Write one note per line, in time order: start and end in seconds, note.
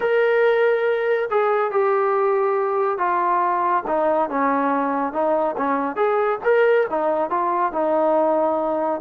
0.00 1.29 A#4
1.30 1.71 G#4
1.71 2.98 G4
2.98 3.83 F4
3.87 4.29 D#4
4.29 5.12 C#4
5.12 5.55 D#4
5.57 5.96 C#4
5.96 6.38 G#4
6.44 6.86 A#4
6.90 7.30 D#4
7.30 7.72 F4
7.72 9.00 D#4